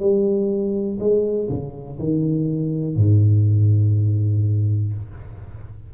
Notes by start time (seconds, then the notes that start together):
0.00 G3
1.00 G#3
1.50 C#3
1.99 D#3
2.96 G#2